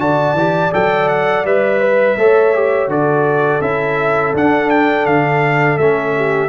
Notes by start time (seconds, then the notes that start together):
0.00 D3 F#4 D5 A5
0.34 E3 G4
0.73 F#3 A4 G5
1.09 F#5
1.45 G3 B4 E5
1.81 B4
2.17 A3 A4 C#5
2.55 G4
2.88 D3 F#4 A4 D5
3.62 C#4 E4 E5
4.34 D4 F#5
4.70 G5
5.06 D3 F5
5.78 A3 C#4 E5
6.17 G4